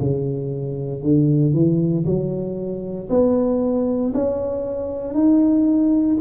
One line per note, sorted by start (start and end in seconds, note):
0.00 1.03 C#3
1.03 1.54 D3
1.54 2.05 E3
2.05 3.09 F#3
3.10 4.13 B3
4.14 5.14 C#4
5.14 6.17 D#4